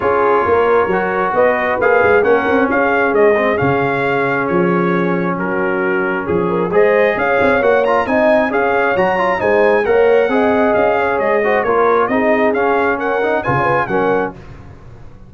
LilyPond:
<<
  \new Staff \with { instrumentName = "trumpet" } { \time 4/4 \tempo 4 = 134 cis''2. dis''4 | f''4 fis''4 f''4 dis''4 | f''2 cis''2 | ais'2 gis'4 dis''4 |
f''4 fis''8 ais''8 gis''4 f''4 | ais''4 gis''4 fis''2 | f''4 dis''4 cis''4 dis''4 | f''4 fis''4 gis''4 fis''4 | }
  \new Staff \with { instrumentName = "horn" } { \time 4/4 gis'4 ais'2 b'4~ | b'4 ais'4 gis'2~ | gis'1 | fis'2 gis'8 ais'8 c''4 |
cis''2 dis''4 cis''4~ | cis''4 c''4 cis''4 dis''4~ | dis''8 cis''4 c''8 ais'4 gis'4~ | gis'4 ais'4 b'16 cis''16 b'8 ais'4 | }
  \new Staff \with { instrumentName = "trombone" } { \time 4/4 f'2 fis'2 | gis'4 cis'2~ cis'8 c'8 | cis'1~ | cis'2. gis'4~ |
gis'4 fis'8 f'8 dis'4 gis'4 | fis'8 f'8 dis'4 ais'4 gis'4~ | gis'4. fis'8 f'4 dis'4 | cis'4. dis'8 f'4 cis'4 | }
  \new Staff \with { instrumentName = "tuba" } { \time 4/4 cis'4 ais4 fis4 b4 | ais8 gis8 ais8 c'8 cis'4 gis4 | cis2 f2 | fis2 f4 gis4 |
cis'8 c'8 ais4 c'4 cis'4 | fis4 gis4 ais4 c'4 | cis'4 gis4 ais4 c'4 | cis'2 cis4 fis4 | }
>>